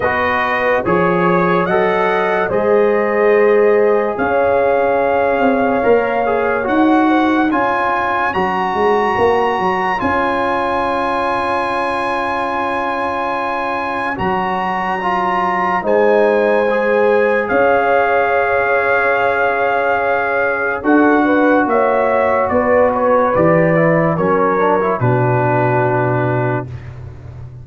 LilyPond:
<<
  \new Staff \with { instrumentName = "trumpet" } { \time 4/4 \tempo 4 = 72 dis''4 cis''4 fis''4 dis''4~ | dis''4 f''2. | fis''4 gis''4 ais''2 | gis''1~ |
gis''4 ais''2 gis''4~ | gis''4 f''2.~ | f''4 fis''4 e''4 d''8 cis''8 | d''4 cis''4 b'2 | }
  \new Staff \with { instrumentName = "horn" } { \time 4/4 b'4 cis''4 dis''4 c''4~ | c''4 cis''2.~ | cis''8 c''8 cis''2.~ | cis''1~ |
cis''2. c''4~ | c''4 cis''2.~ | cis''4 a'8 b'8 cis''4 b'4~ | b'4 ais'4 fis'2 | }
  \new Staff \with { instrumentName = "trombone" } { \time 4/4 fis'4 gis'4 a'4 gis'4~ | gis'2. ais'8 gis'8 | fis'4 f'4 fis'2 | f'1~ |
f'4 fis'4 f'4 dis'4 | gis'1~ | gis'4 fis'2. | g'8 e'8 cis'8 d'16 e'16 d'2 | }
  \new Staff \with { instrumentName = "tuba" } { \time 4/4 b4 f4 fis4 gis4~ | gis4 cis'4. c'8 ais4 | dis'4 cis'4 fis8 gis8 ais8 fis8 | cis'1~ |
cis'4 fis2 gis4~ | gis4 cis'2.~ | cis'4 d'4 ais4 b4 | e4 fis4 b,2 | }
>>